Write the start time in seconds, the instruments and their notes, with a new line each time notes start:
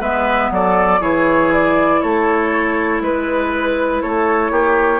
0.00 bassoon G#3, clarinet B3, oboe B4, flute E5
0.51 bassoon F#3, oboe A4, flute D5
1.00 bassoon E3, clarinet E4, oboe G#4, flute C#5
1.53 flute D5
2.01 bassoon A3, oboe A4, flute C#5
3.01 bassoon G#3, oboe B4, flute B4
4.02 bassoon A3, oboe A4, flute C#5
4.51 bassoon A#3, oboe G4